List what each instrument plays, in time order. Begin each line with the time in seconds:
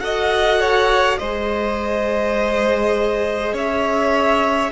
0.00 cello F#4, viola A4, violin D#5 F#5
0.60 violin C#5
1.18 cello G#3, viola G#4, violin C5 D#5
3.53 cello C#4, violin C#5 E5